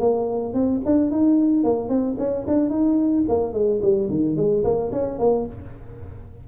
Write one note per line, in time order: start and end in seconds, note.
0.00 0.54 A#3
0.54 0.81 C4
0.86 1.11 D4
1.11 1.64 D#4
1.64 1.89 A#3
1.89 2.16 C4
2.19 2.46 C#4
2.47 2.70 D4
2.70 3.25 D#4
3.29 3.54 A#3
3.54 3.81 G#3
3.82 4.10 G3
4.10 4.37 D#3
4.37 4.64 G#3
4.64 4.92 A#3
4.92 5.19 C#4
5.19 5.46 A#3